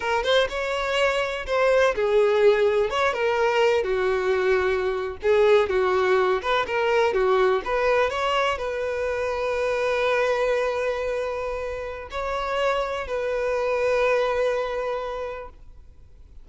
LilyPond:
\new Staff \with { instrumentName = "violin" } { \time 4/4 \tempo 4 = 124 ais'8 c''8 cis''2 c''4 | gis'2 cis''8 ais'4. | fis'2~ fis'8. gis'4 fis'16~ | fis'4~ fis'16 b'8 ais'4 fis'4 b'16~ |
b'8. cis''4 b'2~ b'16~ | b'1~ | b'4 cis''2 b'4~ | b'1 | }